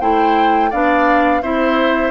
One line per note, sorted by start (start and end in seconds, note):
0.00 0.72 A3
0.00 0.71 E4
0.00 0.70 C5
0.00 0.71 G5
0.70 1.42 B3
0.70 1.42 D4
0.70 1.41 D5
0.70 1.42 F5
1.42 2.11 C4
1.42 2.11 E4
1.42 2.11 C5
1.42 2.11 E5